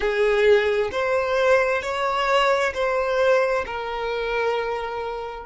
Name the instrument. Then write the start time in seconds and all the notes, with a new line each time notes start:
violin
0.00 G#4
0.91 C5
1.82 C#5
2.74 C5
3.66 A#4